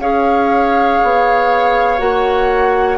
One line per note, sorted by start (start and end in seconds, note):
0.00 1.00 C#4
0.00 1.99 G#4
0.00 2.98 C#5
0.00 1.99 F5
1.04 2.00 B3
1.99 2.98 A#3
1.99 2.98 F#4
1.99 2.98 F#5